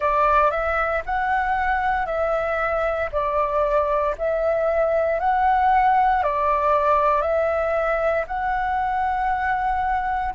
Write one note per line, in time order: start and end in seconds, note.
0.00 0.50 D5
0.50 1.02 E5
1.05 2.05 F#5
2.05 3.09 E5
3.11 4.15 D5
4.18 5.20 E5
5.20 6.23 F#5
6.23 7.21 D5
7.21 8.25 E5
8.27 10.34 F#5